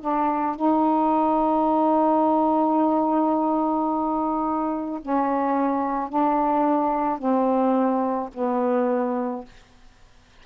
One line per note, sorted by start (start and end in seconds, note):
0.00 0.55 D4
0.55 5.00 D#4
5.01 6.09 C#4
6.09 7.18 D4
7.18 8.29 C4
8.34 9.45 B3